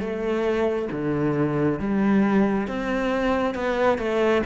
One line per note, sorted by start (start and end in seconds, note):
0.00 0.88 A3
0.91 1.79 D3
1.79 2.67 G3
2.67 3.55 C4
3.55 3.98 B3
3.98 4.42 A3